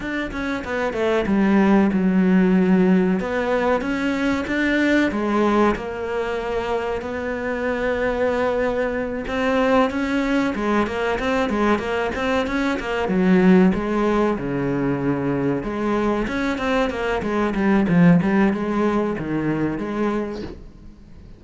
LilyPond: \new Staff \with { instrumentName = "cello" } { \time 4/4 \tempo 4 = 94 d'8 cis'8 b8 a8 g4 fis4~ | fis4 b4 cis'4 d'4 | gis4 ais2 b4~ | b2~ b8 c'4 cis'8~ |
cis'8 gis8 ais8 c'8 gis8 ais8 c'8 cis'8 | ais8 fis4 gis4 cis4.~ | cis8 gis4 cis'8 c'8 ais8 gis8 g8 | f8 g8 gis4 dis4 gis4 | }